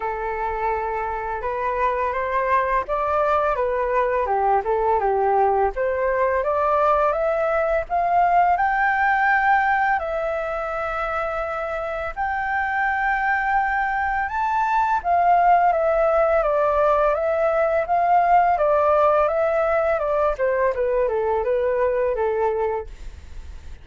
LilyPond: \new Staff \with { instrumentName = "flute" } { \time 4/4 \tempo 4 = 84 a'2 b'4 c''4 | d''4 b'4 g'8 a'8 g'4 | c''4 d''4 e''4 f''4 | g''2 e''2~ |
e''4 g''2. | a''4 f''4 e''4 d''4 | e''4 f''4 d''4 e''4 | d''8 c''8 b'8 a'8 b'4 a'4 | }